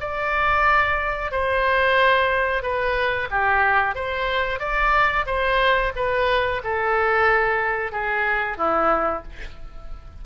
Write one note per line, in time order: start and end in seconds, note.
0.00 1.31 D5
1.31 2.62 C5
2.62 3.28 B4
3.30 3.95 G4
3.95 4.59 C5
4.59 5.25 D5
5.26 5.92 C5
5.96 6.62 B4
6.64 7.92 A4
7.92 8.57 G#4
8.57 9.23 E4